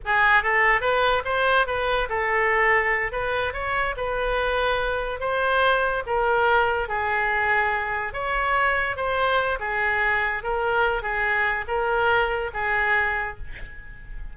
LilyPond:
\new Staff \with { instrumentName = "oboe" } { \time 4/4 \tempo 4 = 144 gis'4 a'4 b'4 c''4 | b'4 a'2~ a'8 b'8~ | b'8 cis''4 b'2~ b'8~ | b'8 c''2 ais'4.~ |
ais'8 gis'2. cis''8~ | cis''4. c''4. gis'4~ | gis'4 ais'4. gis'4. | ais'2 gis'2 | }